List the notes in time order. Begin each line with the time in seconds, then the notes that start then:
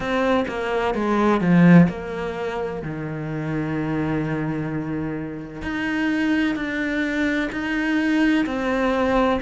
0.00 C4
0.48 A#3
0.94 G#3
1.40 F3
1.88 A#3
2.82 D#3
5.62 D#4
6.55 D4
7.52 D#4
8.45 C4